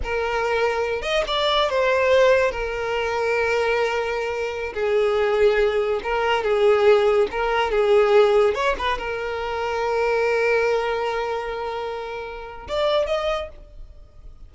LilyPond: \new Staff \with { instrumentName = "violin" } { \time 4/4 \tempo 4 = 142 ais'2~ ais'8 dis''8 d''4 | c''2 ais'2~ | ais'2.~ ais'16 gis'8.~ | gis'2~ gis'16 ais'4 gis'8.~ |
gis'4~ gis'16 ais'4 gis'4.~ gis'16~ | gis'16 cis''8 b'8 ais'2~ ais'8.~ | ais'1~ | ais'2 d''4 dis''4 | }